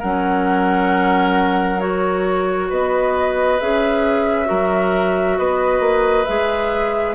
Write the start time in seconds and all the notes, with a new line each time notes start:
0.00 F#3 C#4 A#4 F#5
1.80 F#4 C#5
2.70 B3 B4 D#5
3.60 C#4 G#4 E5
4.46 F#3 F#4 A#4
5.38 B3 B4 D#5
5.80 A#3
6.25 G#3 G#4 E5